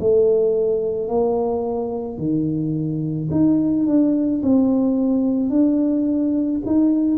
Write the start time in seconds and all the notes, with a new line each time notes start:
0.00 A3
1.09 A#3
2.18 D#3
3.31 D#4
3.86 D4
4.43 C4
5.50 D4
6.66 D#4